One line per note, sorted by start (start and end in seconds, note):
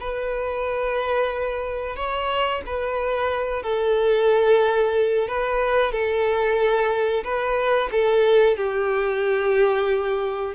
0.00 1.96 B4
1.96 2.62 C#5
2.66 3.63 B4
3.63 5.28 A4
5.28 5.92 B4
5.92 7.24 A4
7.24 7.90 B4
7.92 8.57 A4
8.57 10.55 G4